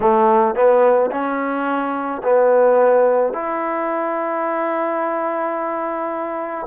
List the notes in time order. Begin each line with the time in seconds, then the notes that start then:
0.00 A3
0.55 B3
1.11 C#4
2.23 B3
3.33 E4